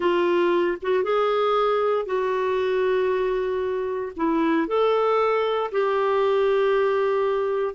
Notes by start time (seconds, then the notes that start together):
0.00 F4
0.81 F#4
1.03 G#4
2.05 F#4
4.16 E4
4.67 A4
5.71 G4